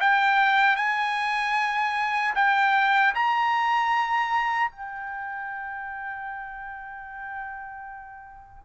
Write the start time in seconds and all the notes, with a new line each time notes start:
0.00 G5
0.76 G#5
2.35 G5
3.14 A#5
4.71 G5